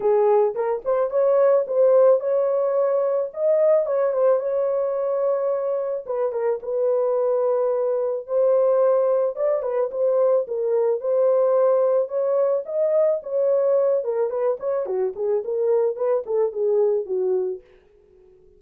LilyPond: \new Staff \with { instrumentName = "horn" } { \time 4/4 \tempo 4 = 109 gis'4 ais'8 c''8 cis''4 c''4 | cis''2 dis''4 cis''8 c''8 | cis''2. b'8 ais'8 | b'2. c''4~ |
c''4 d''8 b'8 c''4 ais'4 | c''2 cis''4 dis''4 | cis''4. ais'8 b'8 cis''8 fis'8 gis'8 | ais'4 b'8 a'8 gis'4 fis'4 | }